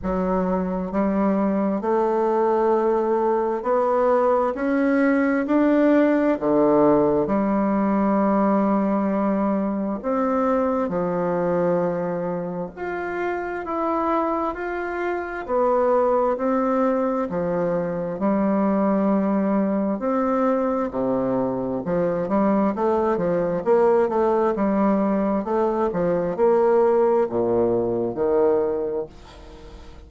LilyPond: \new Staff \with { instrumentName = "bassoon" } { \time 4/4 \tempo 4 = 66 fis4 g4 a2 | b4 cis'4 d'4 d4 | g2. c'4 | f2 f'4 e'4 |
f'4 b4 c'4 f4 | g2 c'4 c4 | f8 g8 a8 f8 ais8 a8 g4 | a8 f8 ais4 ais,4 dis4 | }